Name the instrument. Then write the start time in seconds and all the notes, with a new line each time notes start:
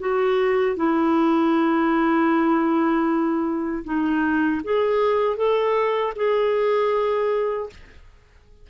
clarinet
0.00 F#4
0.77 E4
3.85 D#4
4.64 G#4
5.37 A4
6.16 G#4